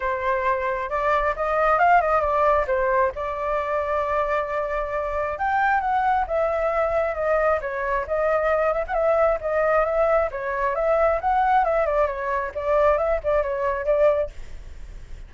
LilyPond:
\new Staff \with { instrumentName = "flute" } { \time 4/4 \tempo 4 = 134 c''2 d''4 dis''4 | f''8 dis''8 d''4 c''4 d''4~ | d''1 | g''4 fis''4 e''2 |
dis''4 cis''4 dis''4. e''16 fis''16 | e''4 dis''4 e''4 cis''4 | e''4 fis''4 e''8 d''8 cis''4 | d''4 e''8 d''8 cis''4 d''4 | }